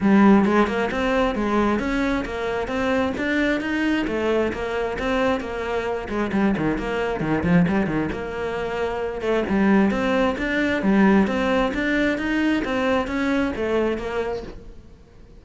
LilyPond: \new Staff \with { instrumentName = "cello" } { \time 4/4 \tempo 4 = 133 g4 gis8 ais8 c'4 gis4 | cis'4 ais4 c'4 d'4 | dis'4 a4 ais4 c'4 | ais4. gis8 g8 dis8 ais4 |
dis8 f8 g8 dis8 ais2~ | ais8 a8 g4 c'4 d'4 | g4 c'4 d'4 dis'4 | c'4 cis'4 a4 ais4 | }